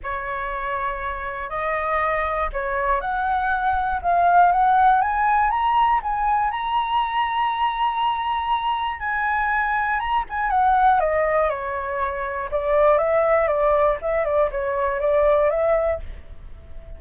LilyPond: \new Staff \with { instrumentName = "flute" } { \time 4/4 \tempo 4 = 120 cis''2. dis''4~ | dis''4 cis''4 fis''2 | f''4 fis''4 gis''4 ais''4 | gis''4 ais''2.~ |
ais''2 gis''2 | ais''8 gis''8 fis''4 dis''4 cis''4~ | cis''4 d''4 e''4 d''4 | e''8 d''8 cis''4 d''4 e''4 | }